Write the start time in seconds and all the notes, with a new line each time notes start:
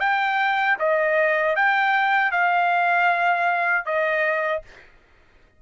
0.00 G5
0.79 D#5
1.56 G5
2.31 F5
3.85 D#5